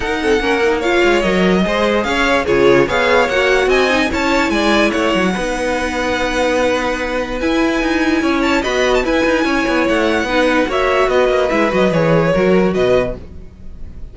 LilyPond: <<
  \new Staff \with { instrumentName = "violin" } { \time 4/4 \tempo 4 = 146 fis''2 f''4 dis''4~ | dis''4 f''4 cis''4 f''4 | fis''4 gis''4 a''4 gis''4 | fis''1~ |
fis''2 gis''2~ | gis''8 a''8 b''8. a''16 gis''2 | fis''2 e''4 dis''4 | e''8 dis''8 cis''2 dis''4 | }
  \new Staff \with { instrumentName = "violin" } { \time 4/4 ais'8 a'8 ais'4 cis''2 | c''4 cis''4 gis'4 cis''4~ | cis''4 dis''4 cis''4 d''4 | cis''4 b'2.~ |
b'1 | cis''4 dis''4 b'4 cis''4~ | cis''4 b'4 cis''4 b'4~ | b'2 ais'4 b'4 | }
  \new Staff \with { instrumentName = "viola" } { \time 4/4 dis'8 c'8 cis'8 dis'8 f'4 ais'4 | gis'2 f'4 gis'4 | fis'4. dis'8 e'2~ | e'4 dis'2.~ |
dis'2 e'2~ | e'4 fis'4 e'2~ | e'4 dis'4 fis'2 | e'8 fis'8 gis'4 fis'2 | }
  \new Staff \with { instrumentName = "cello" } { \time 4/4 dis'4 ais4. gis8 fis4 | gis4 cis'4 cis4 b4 | ais4 c'4 cis'4 gis4 | a8 fis8 b2.~ |
b2 e'4 dis'4 | cis'4 b4 e'8 dis'8 cis'8 b8 | a4 b4 ais4 b8 ais8 | gis8 fis8 e4 fis4 b,4 | }
>>